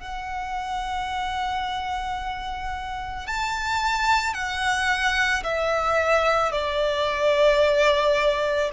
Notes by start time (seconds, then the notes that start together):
0.00 F#5
3.27 A5
4.34 F#5
5.43 E5
6.52 D5